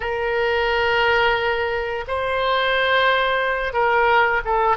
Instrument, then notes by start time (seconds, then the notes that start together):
oboe
0.00 A#4
2.07 C5
3.73 A#4
4.44 A4